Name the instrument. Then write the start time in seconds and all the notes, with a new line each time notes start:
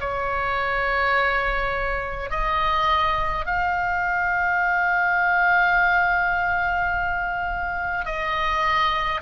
oboe
0.00 C#5
2.30 D#5
3.46 F5
8.06 D#5